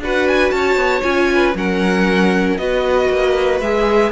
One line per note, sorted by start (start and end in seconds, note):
0.00 0.51 D4
0.00 1.03 F#4
0.00 0.55 B4
0.00 0.28 F#5
0.28 0.51 G#5
0.51 0.76 C#4
0.51 1.34 C#5
0.51 1.02 A5
0.76 1.02 B3
1.03 1.55 C#4
1.03 1.54 F4
1.03 1.54 G#5
1.34 1.57 B4
1.55 2.58 F#3
1.55 2.59 C#4
1.55 2.60 A#4
1.55 2.58 F#5
2.58 3.09 B3
2.58 3.62 F#4
2.58 4.12 B4
2.58 3.60 D#5
3.10 3.61 A#3
3.61 4.12 G#3
3.61 4.12 G#4
3.61 4.12 E5